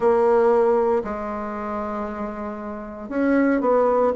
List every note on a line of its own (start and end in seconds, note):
0.00 1.03 A#3
1.03 3.09 G#3
3.09 3.61 C#4
3.61 4.12 B3